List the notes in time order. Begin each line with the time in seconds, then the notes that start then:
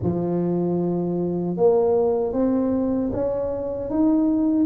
0.02 F3
1.57 A#3
2.32 C4
3.12 C#4
3.90 D#4